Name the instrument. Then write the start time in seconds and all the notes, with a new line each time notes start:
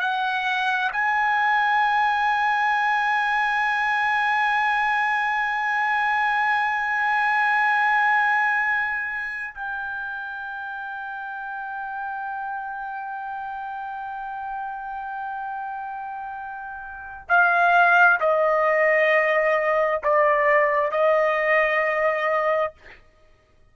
trumpet
0.00 F#5
0.92 G#5
9.55 G5
17.29 F5
18.20 D#5
20.03 D5
20.91 D#5